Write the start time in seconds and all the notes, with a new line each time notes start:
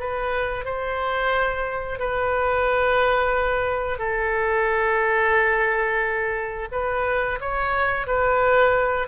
0.00 B4
0.65 C5
2.00 B4
3.99 A4
6.72 B4
7.41 C#5
8.07 B4